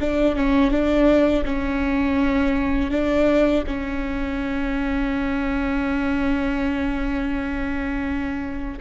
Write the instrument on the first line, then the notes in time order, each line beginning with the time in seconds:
viola
0.00 D4
0.36 C#4
0.71 D4
1.44 C#4
2.90 D4
3.66 C#4